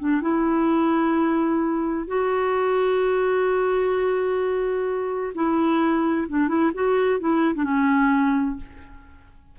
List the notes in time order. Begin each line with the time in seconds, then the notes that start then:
0.00 D4
0.22 E4
2.08 F#4
5.35 E4
6.29 D4
6.49 E4
6.75 F#4
7.20 E4
7.56 D4
7.64 C#4